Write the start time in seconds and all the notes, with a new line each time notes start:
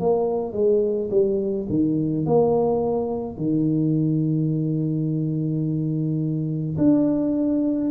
0.00 A#3
0.53 G#3
1.11 G3
1.69 D#3
2.26 A#3
3.37 D#3
6.78 D4